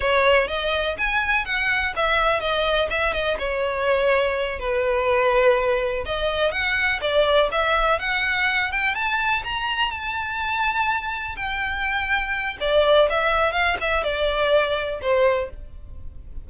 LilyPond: \new Staff \with { instrumentName = "violin" } { \time 4/4 \tempo 4 = 124 cis''4 dis''4 gis''4 fis''4 | e''4 dis''4 e''8 dis''8 cis''4~ | cis''4. b'2~ b'8~ | b'8 dis''4 fis''4 d''4 e''8~ |
e''8 fis''4. g''8 a''4 ais''8~ | ais''8 a''2. g''8~ | g''2 d''4 e''4 | f''8 e''8 d''2 c''4 | }